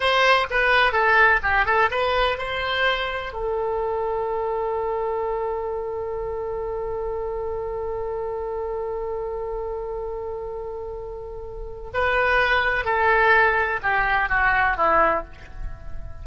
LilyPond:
\new Staff \with { instrumentName = "oboe" } { \time 4/4 \tempo 4 = 126 c''4 b'4 a'4 g'8 a'8 | b'4 c''2 a'4~ | a'1~ | a'1~ |
a'1~ | a'1~ | a'4 b'2 a'4~ | a'4 g'4 fis'4 e'4 | }